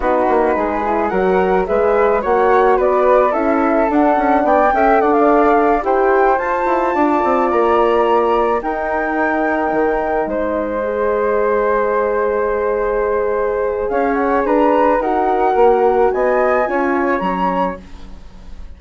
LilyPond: <<
  \new Staff \with { instrumentName = "flute" } { \time 4/4 \tempo 4 = 108 b'2 fis''4 e''4 | fis''4 d''4 e''4 fis''4 | g''4 fis''16 f''4~ f''16 g''4 a''8~ | a''4. ais''2 g''8~ |
g''2~ g''8 dis''4.~ | dis''1~ | dis''4 f''8 fis''8 ais''4 fis''4~ | fis''4 gis''2 ais''4 | }
  \new Staff \with { instrumentName = "flute" } { \time 4/4 fis'4 gis'4 ais'4 b'4 | cis''4 b'4 a'2 | d''8 e''8 d''4. c''4.~ | c''8 d''2. ais'8~ |
ais'2~ ais'8 c''4.~ | c''1~ | c''4 cis''4 b'4 ais'4~ | ais'4 dis''4 cis''2 | }
  \new Staff \with { instrumentName = "horn" } { \time 4/4 dis'4. e'8 fis'4 gis'4 | fis'2 e'4 d'4~ | d'8 a'2 g'4 f'8~ | f'2.~ f'8 dis'8~ |
dis'2.~ dis'8 gis'8~ | gis'1~ | gis'2. fis'4~ | fis'2 f'4 cis'4 | }
  \new Staff \with { instrumentName = "bassoon" } { \time 4/4 b8 ais8 gis4 fis4 gis4 | ais4 b4 cis'4 d'8 cis'8 | b8 cis'8 d'4. e'4 f'8 | e'8 d'8 c'8 ais2 dis'8~ |
dis'4. dis4 gis4.~ | gis1~ | gis4 cis'4 d'4 dis'4 | ais4 b4 cis'4 fis4 | }
>>